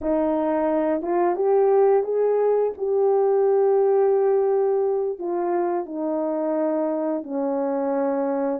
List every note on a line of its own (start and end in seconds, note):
0.01 1.02 D#4
1.02 1.35 F4
1.35 2.03 G4
2.03 2.72 G#4
2.77 5.18 G4
5.18 5.85 F4
5.85 7.23 D#4
7.23 8.60 C#4